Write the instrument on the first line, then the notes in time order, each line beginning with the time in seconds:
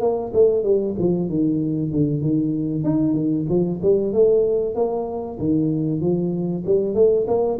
tuba
0.00 A#3
0.33 A3
0.63 G3
0.98 F3
1.29 D#3
1.90 D3
2.21 D#3
2.83 D#4
3.14 D#3
3.49 F3
3.82 G3
4.13 A3
4.75 A#3
5.39 D#3
6.00 F3
6.65 G3
6.94 A3
7.27 A#3